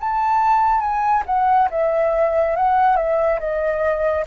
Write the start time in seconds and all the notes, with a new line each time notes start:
0.00 A5
0.81 G#5
1.26 F#5
1.70 E5
2.56 F#5
2.96 E5
3.40 D#5